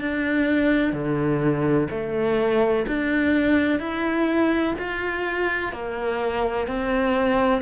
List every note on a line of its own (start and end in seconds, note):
0.00 0.93 D4
0.93 1.88 D3
1.90 2.86 A3
2.87 3.79 D4
3.79 4.74 E4
4.78 5.72 F4
5.72 6.67 A#3
6.67 7.61 C4